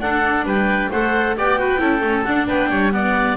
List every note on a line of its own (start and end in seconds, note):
0.00 0.43 D4
0.00 0.90 D4
0.00 0.45 A4
0.00 0.45 F#5
0.43 0.88 G3
0.43 0.90 B4
0.43 0.91 G5
0.90 1.37 A3
0.90 1.37 A4
0.90 1.35 C5
0.90 1.36 F#5
1.37 1.80 B3
1.37 1.58 G4
1.37 1.59 D5
1.37 2.23 G5
1.58 1.78 F#4
1.58 1.80 B4
1.78 2.00 C#4
1.78 2.00 E4
1.78 2.47 A4
2.00 2.22 A3
2.00 2.26 C#4
2.23 2.92 D4
2.23 2.49 D4
2.23 2.46 F#5
2.47 2.69 B3
2.47 2.69 B4
2.47 2.92 G5
2.69 3.36 G3
2.69 2.92 C#5
2.92 3.37 B3
2.92 3.37 D5
2.92 3.36 F#5